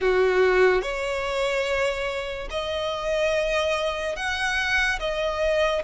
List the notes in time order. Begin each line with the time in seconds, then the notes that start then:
0.00 F#4
0.81 C#5
2.50 D#5
4.16 F#5
4.99 D#5